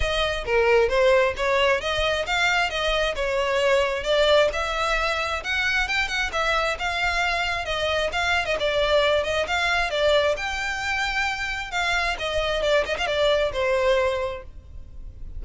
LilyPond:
\new Staff \with { instrumentName = "violin" } { \time 4/4 \tempo 4 = 133 dis''4 ais'4 c''4 cis''4 | dis''4 f''4 dis''4 cis''4~ | cis''4 d''4 e''2 | fis''4 g''8 fis''8 e''4 f''4~ |
f''4 dis''4 f''8. dis''16 d''4~ | d''8 dis''8 f''4 d''4 g''4~ | g''2 f''4 dis''4 | d''8 dis''16 f''16 d''4 c''2 | }